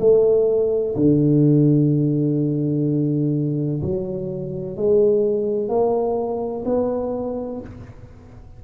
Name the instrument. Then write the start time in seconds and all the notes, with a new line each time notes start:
tuba
0.00 A3
0.96 D3
3.82 F#3
4.77 G#3
5.69 A#3
6.66 B3